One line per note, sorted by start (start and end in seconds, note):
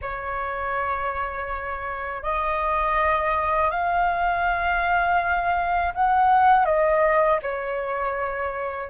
0.01 2.23 C#5
2.23 3.70 D#5
3.70 5.93 F5
5.94 6.65 F#5
6.65 7.39 D#5
7.42 8.89 C#5